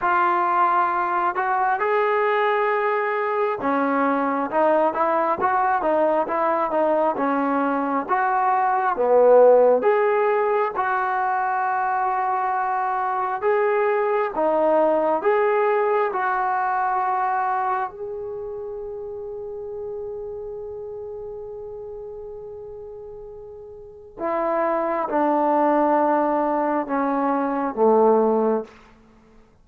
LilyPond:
\new Staff \with { instrumentName = "trombone" } { \time 4/4 \tempo 4 = 67 f'4. fis'8 gis'2 | cis'4 dis'8 e'8 fis'8 dis'8 e'8 dis'8 | cis'4 fis'4 b4 gis'4 | fis'2. gis'4 |
dis'4 gis'4 fis'2 | gis'1~ | gis'2. e'4 | d'2 cis'4 a4 | }